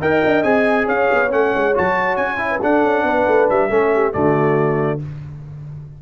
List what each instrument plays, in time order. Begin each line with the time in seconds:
0.00 tuba D#4, trombone A#4, horn D#5, trumpet G5
0.25 tuba D4
0.43 tuba C4, trombone G#4, trumpet G#5
0.86 tuba C#4, horn C#5, trumpet F5
1.11 tuba B3
1.29 tuba A3, trombone C#4, trumpet F#5
1.55 tuba G#3
1.75 tuba F#3, trombone F#4, trumpet A5
2.16 tuba C#4, trumpet G#5
2.37 trombone E4
2.51 horn B4
2.62 trombone D4, tuba D4, horn A4, trumpet F#5
2.84 tuba C#4
3.03 tuba B3, horn B4
3.27 tuba A3
3.49 tuba G3, trumpet E5
3.69 tuba A3, trombone C#4, horn A4
3.94 horn G4
4.12 tuba D3, trombone A3, horn F#4, trumpet D5